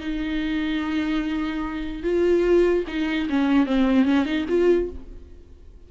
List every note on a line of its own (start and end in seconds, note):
0.00 2.03 D#4
2.03 2.84 F4
2.87 3.28 D#4
3.29 3.66 C#4
3.66 4.05 C4
4.05 4.25 C#4
4.25 4.46 D#4
4.48 4.89 F4